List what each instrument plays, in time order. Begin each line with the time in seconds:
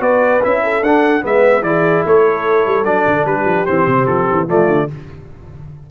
0.00 tuba B3, trombone F#4, horn B4, trumpet D5
0.43 tuba C#4, trombone E4, trumpet E5
0.63 horn A4
0.82 tuba D4, trombone D4, trumpet F#5
1.22 tuba G#3, trombone B3, horn B4, trumpet E5
1.61 tuba E3, trombone E4, horn G#4, trumpet D5
2.05 tuba A3, horn A4, trumpet C#5
2.66 tuba G3
2.84 tuba F#3, trombone D4, trumpet D5
3.07 tuba D3
3.25 tuba G3, horn G4, trumpet B4
3.44 tuba F3
3.66 tuba E3, trombone C4, trumpet C5
3.87 tuba C3
4.06 tuba F3, trumpet A4
4.31 tuba E3
4.47 tuba F3, trombone A3, horn F4, trumpet D5
4.67 tuba D3